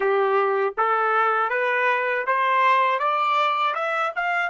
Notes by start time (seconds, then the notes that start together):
0.00 G4
0.77 A4
1.49 B4
2.26 C5
2.99 D5
3.75 E5
4.15 F5